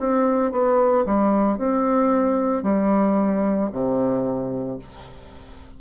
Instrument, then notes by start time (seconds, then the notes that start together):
bassoon
0.00 C4
0.52 B3
1.06 G3
1.58 C4
2.63 G3
3.72 C3